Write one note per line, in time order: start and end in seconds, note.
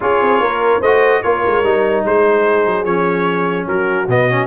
0.00 0.21 C#4
0.00 0.81 F4
0.00 0.41 G#4
0.00 0.82 C#5
0.21 0.39 C4
0.39 0.80 A#3
0.39 0.80 A#4
0.80 1.21 A3
0.80 1.23 F#4
0.80 1.20 C5
0.80 1.22 D#5
1.22 1.45 A#3
1.22 1.64 F4
1.22 2.05 A#4
1.22 2.04 C#5
1.46 1.63 G#3
1.63 2.04 G3
1.63 2.85 D#4
2.05 2.66 G#3
2.05 3.67 G#4
2.05 2.84 C5
2.66 2.84 F#3
2.84 3.66 F3
2.84 4.08 C#4
2.84 3.66 C#5
3.66 4.07 F#3
3.66 4.46 F#4
3.66 4.09 A#4
4.08 4.46 B2
4.08 4.30 B3
4.08 4.46 D#5
4.30 4.46 C#4